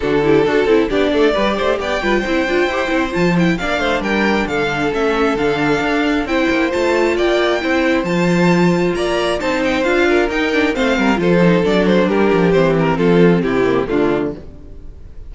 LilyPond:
<<
  \new Staff \with { instrumentName = "violin" } { \time 4/4 \tempo 4 = 134 a'2 d''2 | g''2. a''8 g''8 | f''4 g''4 f''4 e''4 | f''2 g''4 a''4 |
g''2 a''2 | ais''4 a''8 g''8 f''4 g''4 | f''4 c''4 d''8 c''8 ais'4 | c''8 ais'8 a'4 g'4 f'4 | }
  \new Staff \with { instrumentName = "violin" } { \time 4/4 fis'8 g'8 a'4 g'8 a'8 b'8 c''8 | d''8 b'8 c''2. | d''8 c''8 ais'4 a'2~ | a'2 c''2 |
d''4 c''2. | d''4 c''4. ais'4. | c''8 ais'8 a'2 g'4~ | g'4 f'4 e'4 d'4 | }
  \new Staff \with { instrumentName = "viola" } { \time 4/4 d'8 e'8 fis'8 e'8 d'4 g'4~ | g'8 f'8 e'8 f'8 g'8 e'8 f'8 e'8 | d'2. cis'4 | d'2 e'4 f'4~ |
f'4 e'4 f'2~ | f'4 dis'4 f'4 dis'8 d'8 | c'4 f'8 dis'8 d'2 | c'2~ c'8 ais8 a4 | }
  \new Staff \with { instrumentName = "cello" } { \time 4/4 d4 d'8 c'8 b8 a8 g8 a8 | b8 g8 c'8 d'8 e'8 c'8 f4 | ais8 a8 g4 d4 a4 | d4 d'4 c'8 ais8 a4 |
ais4 c'4 f2 | ais4 c'4 d'4 dis'4 | a8 g8 f4 fis4 g8 f8 | e4 f4 c4 d4 | }
>>